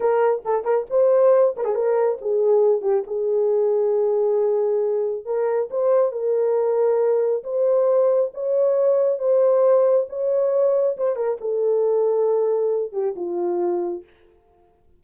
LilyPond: \new Staff \with { instrumentName = "horn" } { \time 4/4 \tempo 4 = 137 ais'4 a'8 ais'8 c''4. ais'16 gis'16 | ais'4 gis'4. g'8 gis'4~ | gis'1 | ais'4 c''4 ais'2~ |
ais'4 c''2 cis''4~ | cis''4 c''2 cis''4~ | cis''4 c''8 ais'8 a'2~ | a'4. g'8 f'2 | }